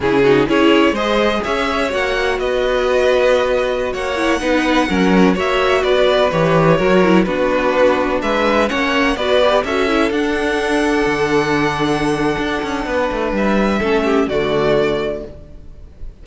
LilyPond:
<<
  \new Staff \with { instrumentName = "violin" } { \time 4/4 \tempo 4 = 126 gis'4 cis''4 dis''4 e''4 | fis''4 dis''2.~ | dis''16 fis''2. e''8.~ | e''16 d''4 cis''2 b'8.~ |
b'4~ b'16 e''4 fis''4 d''8.~ | d''16 e''4 fis''2~ fis''8.~ | fis''1 | e''2 d''2 | }
  \new Staff \with { instrumentName = "violin" } { \time 4/4 e'8 fis'8 gis'4 c''4 cis''4~ | cis''4 b'2.~ | b'16 cis''4 b'4 ais'4 cis''8.~ | cis''16 b'2 ais'4 fis'8.~ |
fis'4~ fis'16 b'4 cis''4 b'8.~ | b'16 a'2.~ a'8.~ | a'2. b'4~ | b'4 a'8 g'8 fis'2 | }
  \new Staff \with { instrumentName = "viola" } { \time 4/4 cis'8 dis'8 e'4 gis'2 | fis'1~ | fis'8. e'8 dis'4 cis'4 fis'8.~ | fis'4~ fis'16 g'4 fis'8 e'8 d'8.~ |
d'2~ d'16 cis'4 fis'8 g'16~ | g'16 fis'8 e'8 d'2~ d'8.~ | d'1~ | d'4 cis'4 a2 | }
  \new Staff \with { instrumentName = "cello" } { \time 4/4 cis4 cis'4 gis4 cis'4 | ais4 b2.~ | b16 ais4 b4 fis4 ais8.~ | ais16 b4 e4 fis4 b8.~ |
b4~ b16 gis4 ais4 b8.~ | b16 cis'4 d'2 d8.~ | d2 d'8 cis'8 b8 a8 | g4 a4 d2 | }
>>